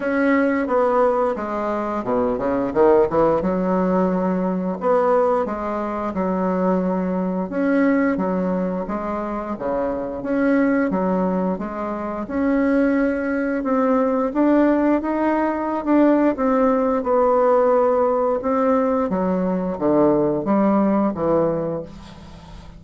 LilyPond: \new Staff \with { instrumentName = "bassoon" } { \time 4/4 \tempo 4 = 88 cis'4 b4 gis4 b,8 cis8 | dis8 e8 fis2 b4 | gis4 fis2 cis'4 | fis4 gis4 cis4 cis'4 |
fis4 gis4 cis'2 | c'4 d'4 dis'4~ dis'16 d'8. | c'4 b2 c'4 | fis4 d4 g4 e4 | }